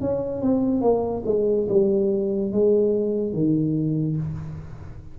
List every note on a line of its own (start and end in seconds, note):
0.00 0.41 C#4
0.41 0.81 C4
0.81 1.23 A#3
1.25 1.67 G#3
1.68 2.52 G3
2.52 3.33 G#3
3.33 4.16 D#3